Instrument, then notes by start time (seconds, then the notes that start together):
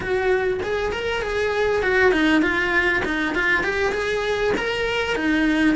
cello
0.00 F#4
0.62 G#4
0.92 A#4
1.21 G#4
1.82 F#4
2.12 D#4
2.41 F4
3.05 D#4
3.34 F4
3.63 G4
3.92 G#4
4.57 A#4
5.15 D#4